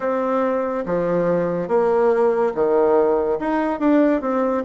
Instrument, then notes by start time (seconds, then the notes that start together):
bassoon
0.00 C4
0.85 F3
1.68 A#3
2.54 D#3
3.39 D#4
3.79 D4
4.21 C4